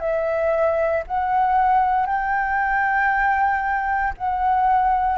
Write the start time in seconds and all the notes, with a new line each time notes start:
0.00 E5
1.08 F#5
2.07 G5
4.18 F#5